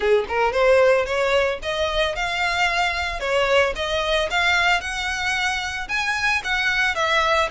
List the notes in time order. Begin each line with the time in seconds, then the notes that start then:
0.00 G#4
0.28 A#4
0.52 C5
1.05 C#5
1.62 D#5
2.15 F5
3.19 C#5
3.75 D#5
4.30 F5
4.81 F#5
5.88 G#5
6.44 F#5
6.95 E5